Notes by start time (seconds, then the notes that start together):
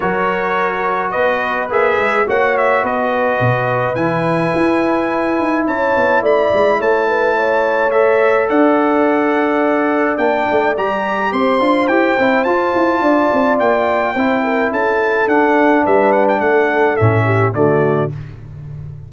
0.00 F#3 F#4 A#4 C#5
1.10 B3 B4 D#5
1.69 A#3 G#4 E5
1.98 G#3
2.27 A#3 F#4 C#5 F#5
2.57 E5
2.82 B3 B4 D#5
3.40 B2
3.94 E3 E4 G#5
4.54 E4
5.39 D#4
5.66 C#4 C#5 A5
5.96 B3
6.21 A3 D5 B5
6.53 G#3
6.78 A3 C#5 A5
7.08 B4
7.35 C#5
7.90 A4 E5
8.48 D4 D5 F#5
10.17 A#3 D4 G5
10.50 A3
10.77 G3 G4 A#5
11.32 C4 C5 C6
11.59 D4 F4
11.87 E4 G4 G5
12.19 C4 E4
12.44 F4 A5
12.74 E4
13.01 D4 D5
13.32 C4
13.59 A#3 G5
14.13 C4 E4 C5
14.43 A#4
14.71 C#4 A4 A5
15.27 D4 F#5
15.84 G3 B4 E5
16.12 F#5
16.28 G5
16.40 A3 A4 F#5
16.96 A2 C#4 E5
17.25 G4
17.53 D3 A3 F#4 D5